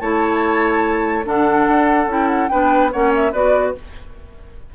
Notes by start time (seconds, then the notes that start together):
0.00 A3 E4 C#5 A5
1.24 D3 D4 A4 F#5
1.68 D4
2.06 C#4 E4 G5
2.29 F#5
2.48 B3 D4 B4 G5
2.92 A#3 C#4 C#5 F#5
3.15 E5
3.32 B3 F#4 B4 D5